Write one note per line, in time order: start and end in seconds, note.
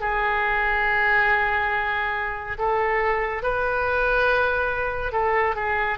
0.00 2.57 G#4
2.58 3.42 A4
3.42 5.12 B4
5.12 5.55 A4
5.56 5.98 G#4